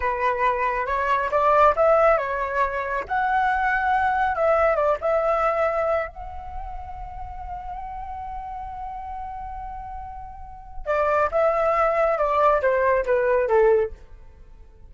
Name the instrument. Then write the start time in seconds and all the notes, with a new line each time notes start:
flute
0.00 B4
0.86 C#5
1.31 D5
1.76 E5
2.17 C#5
3.08 F#5
4.35 E5
4.75 D5
5.00 E5
6.08 F#5
10.86 D5
11.31 E5
12.17 D5
12.61 C5
13.05 B4
13.48 A4